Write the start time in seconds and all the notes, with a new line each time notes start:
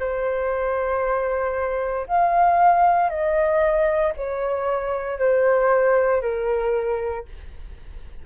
0.00 C5
2.07 F5
3.10 D#5
4.17 C#5
5.19 C5
6.22 A#4